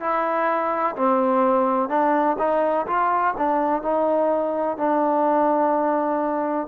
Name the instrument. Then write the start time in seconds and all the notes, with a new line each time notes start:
trombone
0.00 E4
0.95 C4
1.89 D4
2.39 D#4
2.86 F4
3.37 D4
3.82 D#4
4.77 D4